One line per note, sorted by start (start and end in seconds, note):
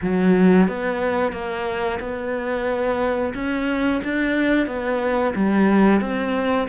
0.02 0.68 F#3
0.68 1.32 B3
1.32 1.99 A#3
2.00 3.33 B3
3.34 4.01 C#4
4.04 4.66 D4
4.66 5.33 B3
5.35 6.00 G3
6.00 6.67 C4